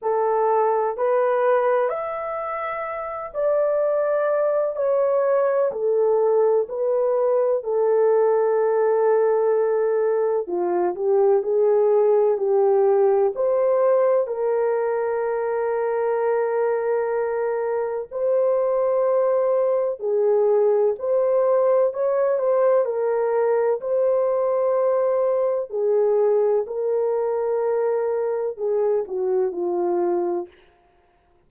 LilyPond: \new Staff \with { instrumentName = "horn" } { \time 4/4 \tempo 4 = 63 a'4 b'4 e''4. d''8~ | d''4 cis''4 a'4 b'4 | a'2. f'8 g'8 | gis'4 g'4 c''4 ais'4~ |
ais'2. c''4~ | c''4 gis'4 c''4 cis''8 c''8 | ais'4 c''2 gis'4 | ais'2 gis'8 fis'8 f'4 | }